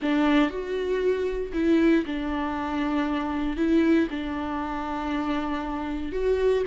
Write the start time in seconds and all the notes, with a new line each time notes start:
0.01 D4
0.49 F#4
1.53 E4
2.05 D4
3.56 E4
4.10 D4
6.12 F#4